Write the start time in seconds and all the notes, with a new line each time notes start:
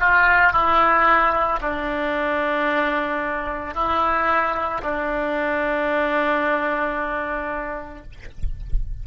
0.00 F4
0.53 E4
1.61 D4
3.74 E4
4.82 D4